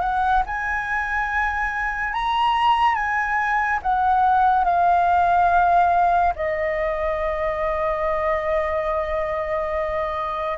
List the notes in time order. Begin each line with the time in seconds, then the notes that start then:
0.00 F#5
0.45 G#5
2.13 A#5
2.94 G#5
3.82 F#5
4.64 F5
6.35 D#5